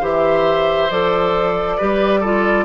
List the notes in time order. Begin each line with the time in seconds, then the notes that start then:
0.00 E3 G4 C5 E5
0.90 F3 A4 D5
1.77 G3 G4 B4
2.20 F4 A4